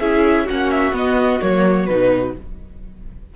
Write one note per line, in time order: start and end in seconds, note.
0.00 0.47 C#4
0.00 0.48 E4
0.00 0.45 G#4
0.00 0.47 E5
0.45 0.92 A#3
0.45 0.93 C#4
0.45 2.33 F#4
0.45 0.71 F#5
0.71 0.94 E5
0.92 1.39 B3
0.92 1.40 B3
0.92 1.41 D#5
1.41 1.89 F#3
1.41 1.88 A#3
1.41 1.86 C#5
1.86 2.35 B2
1.86 2.36 D#4
1.86 2.33 B4